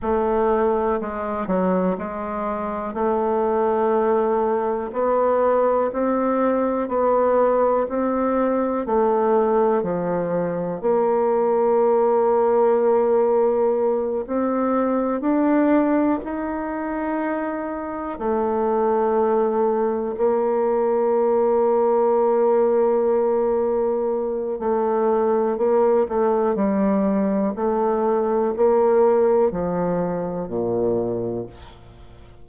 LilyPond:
\new Staff \with { instrumentName = "bassoon" } { \time 4/4 \tempo 4 = 61 a4 gis8 fis8 gis4 a4~ | a4 b4 c'4 b4 | c'4 a4 f4 ais4~ | ais2~ ais8 c'4 d'8~ |
d'8 dis'2 a4.~ | a8 ais2.~ ais8~ | ais4 a4 ais8 a8 g4 | a4 ais4 f4 ais,4 | }